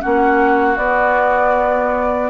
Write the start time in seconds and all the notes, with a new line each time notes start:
0.00 A#3 C#4 F#4 F#5
0.77 B3 D5